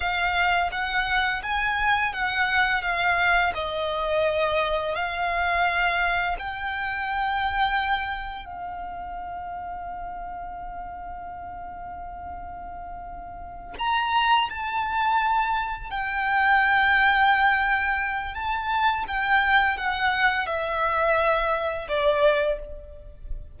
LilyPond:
\new Staff \with { instrumentName = "violin" } { \time 4/4 \tempo 4 = 85 f''4 fis''4 gis''4 fis''4 | f''4 dis''2 f''4~ | f''4 g''2. | f''1~ |
f''2.~ f''8 ais''8~ | ais''8 a''2 g''4.~ | g''2 a''4 g''4 | fis''4 e''2 d''4 | }